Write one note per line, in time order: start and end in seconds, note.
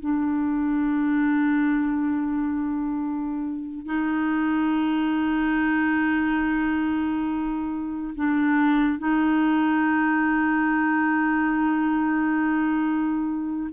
0.00 3.86 D4
3.86 8.14 D#4
8.15 8.98 D4
8.98 13.70 D#4